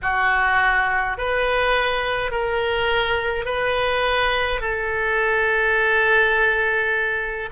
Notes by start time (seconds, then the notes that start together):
0.02 F#4
1.17 B4
2.31 A#4
3.45 B4
4.60 A4